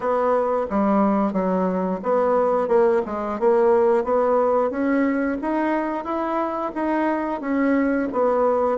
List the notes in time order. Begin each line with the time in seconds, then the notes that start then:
0.00 B3
0.70 G3
1.33 F#3
2.02 B3
2.68 A#3
3.05 G#3
3.39 A#3
4.04 B3
4.70 C#4
5.41 D#4
6.04 E4
6.74 D#4
7.40 C#4
8.12 B3